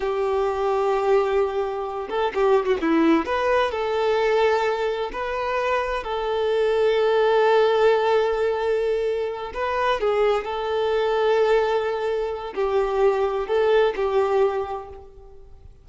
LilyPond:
\new Staff \with { instrumentName = "violin" } { \time 4/4 \tempo 4 = 129 g'1~ | g'8 a'8 g'8. fis'16 e'4 b'4 | a'2. b'4~ | b'4 a'2.~ |
a'1~ | a'8 b'4 gis'4 a'4.~ | a'2. g'4~ | g'4 a'4 g'2 | }